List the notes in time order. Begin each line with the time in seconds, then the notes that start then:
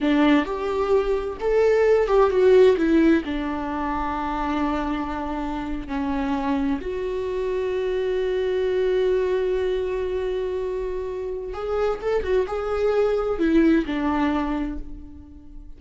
0.00 D4
0.45 G4
1.40 A4
2.07 G4
2.30 F#4
2.77 E4
3.25 D4
5.87 C#4
6.81 F#4
11.53 G#4
12.01 A4
12.23 F#4
12.47 G#4
13.38 E4
13.86 D4